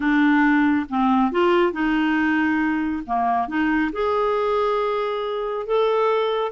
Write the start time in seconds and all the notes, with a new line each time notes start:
0.00 D4
0.89 C4
1.31 F4
1.72 D#4
3.06 A#3
3.47 D#4
3.92 G#4
5.66 A4